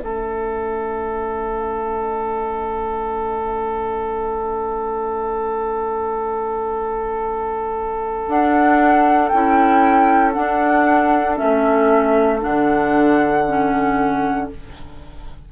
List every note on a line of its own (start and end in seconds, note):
0.00 8.28 A3
0.00 8.28 C#4
0.00 14.52 A4
0.00 8.28 E5
8.28 9.31 D4
8.28 9.33 D4
8.28 9.29 F#5
9.29 10.37 C#4
9.29 10.34 E4
9.29 10.32 G5
10.33 11.36 D4
10.33 11.40 D4
10.33 11.36 F#5
11.36 12.39 C#4
11.36 12.41 E5
11.42 12.44 A3
12.40 14.51 D3
12.40 13.44 D4
12.40 14.50 F#5
13.48 14.52 C#4